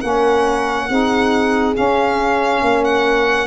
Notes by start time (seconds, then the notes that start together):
0.00 A#3 C#4 A#4 F#5
0.89 C4 D#4 G#4
1.74 C#4 F5
2.62 A#3 A#4
2.84 F#5